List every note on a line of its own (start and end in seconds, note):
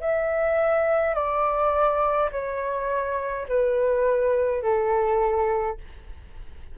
0.00 1.14 E5
1.14 2.30 D5
2.31 3.47 C#5
3.48 4.62 B4
4.62 5.77 A4